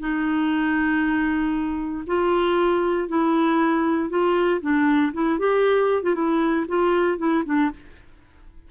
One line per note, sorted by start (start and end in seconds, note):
0.00 2.05 D#4
2.07 3.08 F4
3.08 4.10 E4
4.10 4.61 F4
4.61 5.12 D4
5.13 5.39 E4
5.39 6.03 G4
6.03 6.15 F4
6.15 6.66 E4
6.68 7.18 F4
7.18 7.44 E4
7.45 7.71 D4